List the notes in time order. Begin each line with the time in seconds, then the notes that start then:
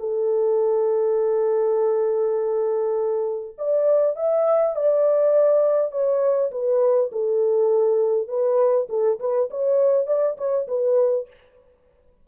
0.00 A4
3.58 D5
4.16 E5
4.76 D5
5.92 C#5
6.52 B4
7.12 A4
8.28 B4
8.90 A4
9.20 B4
9.50 C#5
10.07 D5
10.38 C#5
10.68 B4